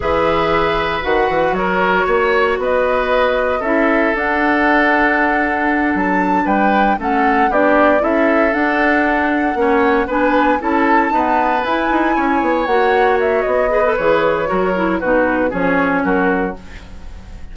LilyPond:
<<
  \new Staff \with { instrumentName = "flute" } { \time 4/4 \tempo 4 = 116 e''2 fis''4 cis''4~ | cis''4 dis''2 e''4 | fis''2.~ fis''8 a''8~ | a''8 g''4 fis''4 d''4 e''8~ |
e''8 fis''2. gis''8~ | gis''8 a''2 gis''4.~ | gis''8 fis''4 e''8 dis''4 cis''4~ | cis''4 b'4 cis''4 ais'4 | }
  \new Staff \with { instrumentName = "oboe" } { \time 4/4 b'2. ais'4 | cis''4 b'2 a'4~ | a'1~ | a'8 b'4 a'4 g'4 a'8~ |
a'2~ a'8 cis''4 b'8~ | b'8 a'4 b'2 cis''8~ | cis''2~ cis''8 b'4. | ais'4 fis'4 gis'4 fis'4 | }
  \new Staff \with { instrumentName = "clarinet" } { \time 4/4 gis'2 fis'2~ | fis'2. e'4 | d'1~ | d'4. cis'4 d'4 e'8~ |
e'8 d'2 cis'4 d'8~ | d'8 e'4 b4 e'4.~ | e'8 fis'2 gis'16 a'16 gis'4 | fis'8 e'8 dis'4 cis'2 | }
  \new Staff \with { instrumentName = "bassoon" } { \time 4/4 e2 dis8 e8 fis4 | ais4 b2 cis'4 | d'2.~ d'8 fis8~ | fis8 g4 a4 b4 cis'8~ |
cis'8 d'2 ais4 b8~ | b8 cis'4 dis'4 e'8 dis'8 cis'8 | b8 ais4. b4 e4 | fis4 b,4 f4 fis4 | }
>>